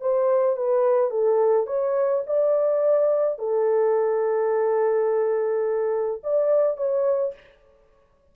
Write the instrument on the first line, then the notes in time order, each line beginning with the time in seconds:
horn
0.00 C5
0.56 B4
1.10 A4
1.66 C#5
2.26 D5
3.38 A4
6.23 D5
6.77 C#5